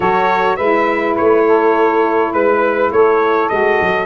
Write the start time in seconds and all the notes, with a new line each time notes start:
0.00 F#3 F#4 A4 C#5
0.56 G#3 E4 B4 E5
1.16 A3 C#5
1.47 A4
2.32 G#3 B4
2.91 A3 A4 C#5
3.48 G#3 F#4 D#5
3.81 F#3